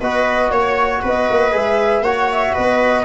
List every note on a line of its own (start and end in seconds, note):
0.00 0.51 B3
0.00 1.51 F#4
0.00 0.51 B4
0.00 0.51 D#5
0.51 1.02 A#3
0.51 1.02 C#5
1.02 1.29 B3
1.02 2.03 B4
1.02 1.57 D#5
1.30 1.54 A#3
1.51 2.01 G#3
1.51 2.02 G#4
1.51 2.04 E5
2.01 2.52 A#3
2.01 3.05 F#4
2.01 2.53 C#5
2.01 2.30 F#5
2.32 2.56 E5
2.53 3.05 B3
2.53 3.04 B4
2.53 3.05 D#5